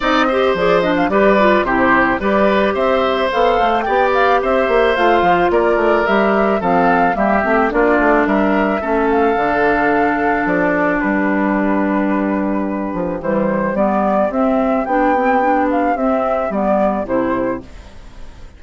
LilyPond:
<<
  \new Staff \with { instrumentName = "flute" } { \time 4/4 \tempo 4 = 109 dis''4 d''8 dis''16 f''16 d''4 c''4 | d''4 e''4 f''4 g''8 f''8 | e''4 f''4 d''4 e''4 | f''4 e''4 d''4 e''4~ |
e''8 f''2~ f''8 d''4 | b'1 | c''4 d''4 e''4 g''4~ | g''8 f''8 e''4 d''4 c''4 | }
  \new Staff \with { instrumentName = "oboe" } { \time 4/4 d''8 c''4. b'4 g'4 | b'4 c''2 d''4 | c''2 ais'2 | a'4 g'4 f'4 ais'4 |
a'1 | g'1~ | g'1~ | g'1 | }
  \new Staff \with { instrumentName = "clarinet" } { \time 4/4 dis'8 g'8 gis'8 d'8 g'8 f'8 e'4 | g'2 a'4 g'4~ | g'4 f'2 g'4 | c'4 ais8 c'8 d'2 |
cis'4 d'2.~ | d'1 | g4 b4 c'4 d'8 c'8 | d'4 c'4 b4 e'4 | }
  \new Staff \with { instrumentName = "bassoon" } { \time 4/4 c'4 f4 g4 c4 | g4 c'4 b8 a8 b4 | c'8 ais8 a8 f8 ais8 a8 g4 | f4 g8 a8 ais8 a8 g4 |
a4 d2 f4 | g2.~ g8 f8 | e4 g4 c'4 b4~ | b4 c'4 g4 c4 | }
>>